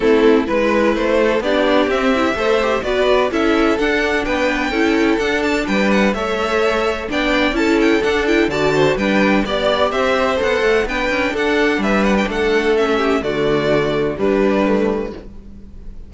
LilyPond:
<<
  \new Staff \with { instrumentName = "violin" } { \time 4/4 \tempo 4 = 127 a'4 b'4 c''4 d''4 | e''2 d''4 e''4 | fis''4 g''2 fis''8 a''8 | g''8 fis''8 e''2 g''4 |
a''8 g''8 fis''8 g''8 a''4 g''4 | d''4 e''4 fis''4 g''4 | fis''4 e''8 fis''16 g''16 fis''4 e''4 | d''2 b'2 | }
  \new Staff \with { instrumentName = "violin" } { \time 4/4 e'4 b'4. a'8 g'4~ | g'4 c''4 b'4 a'4~ | a'4 b'4 a'2 | b'4 cis''2 d''4 |
a'2 d''8 c''8 b'4 | d''4 c''2 b'4 | a'4 b'4 a'4. g'8 | fis'2 d'2 | }
  \new Staff \with { instrumentName = "viola" } { \time 4/4 c'4 e'2 d'4 | c'8 e'8 a'8 g'8 fis'4 e'4 | d'2 e'4 d'4~ | d'4 a'2 d'4 |
e'4 d'8 e'8 fis'4 d'4 | g'2 a'4 d'4~ | d'2. cis'4 | a2 g4 a4 | }
  \new Staff \with { instrumentName = "cello" } { \time 4/4 a4 gis4 a4 b4 | c'4 a4 b4 cis'4 | d'4 b4 cis'4 d'4 | g4 a2 b4 |
cis'4 d'4 d4 g4 | b4 c'4 b8 a8 b8 cis'8 | d'4 g4 a2 | d2 g2 | }
>>